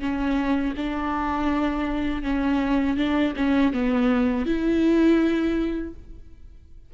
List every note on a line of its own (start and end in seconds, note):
0.00 0.74 C#4
0.77 2.23 D4
2.23 2.97 C#4
2.97 3.34 D4
3.37 3.73 C#4
3.73 4.46 B3
4.46 5.94 E4